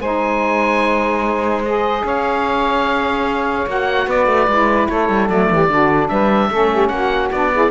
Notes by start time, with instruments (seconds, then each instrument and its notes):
0.00 cello G#3, saxophone D#4 C5, oboe G#5
1.65 saxophone G#4, oboe D#5
2.04 cello C#4, saxophone C#5, oboe F5
3.66 cello A#3, saxophone F#4, oboe F#5
4.07 cello B3, saxophone B4, oboe D5
4.27 cello A3
4.47 cello G#3, saxophone E4
4.88 cello A3, saxophone A4, oboe C#5
5.09 cello G3
5.28 cello F#3, saxophone A3, oboe D5
5.50 cello E3, saxophone G4
5.69 cello D3, saxophone D4 F#4
6.08 cello G3, saxophone B4, oboe E5
6.50 cello A3, saxophone C#4 A4
6.72 saxophone G4
6.88 cello A#3, saxophone F#4, oboe F#5
7.32 cello B3, saxophone D4, oboe D5
7.53 saxophone E4 G#4